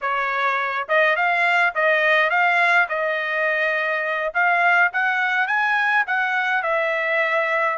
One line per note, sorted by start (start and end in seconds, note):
0.01 0.87 C#5
0.88 1.16 D#5
1.16 1.73 F5
1.74 2.30 D#5
2.30 2.87 F5
2.88 4.33 D#5
4.33 4.91 F5
4.92 5.47 F#5
5.47 6.04 G#5
6.06 6.62 F#5
6.62 7.78 E5